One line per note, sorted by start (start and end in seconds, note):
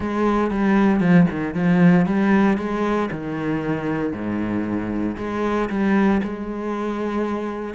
0.00 0.50 G#3
0.50 1.00 G3
1.00 1.26 F3
1.30 1.54 D#3
1.54 2.05 F3
2.05 2.57 G3
2.57 3.09 G#3
3.11 4.12 D#3
4.12 5.16 G#2
5.17 5.69 G#3
5.69 6.21 G3
6.23 7.74 G#3